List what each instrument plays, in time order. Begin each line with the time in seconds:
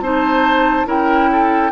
0.00 bassoon C4, clarinet D#4, oboe C5, flute A5
0.86 bassoon C#4, clarinet E4, oboe A#4, flute G5
1.32 oboe A4